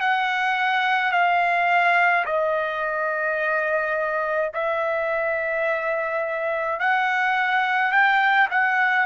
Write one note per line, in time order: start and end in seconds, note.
0.00 1.12 F#5
1.12 2.25 F5
2.25 4.51 D#5
4.53 6.79 E5
6.79 7.91 F#5
7.91 8.48 G5
8.50 9.06 F#5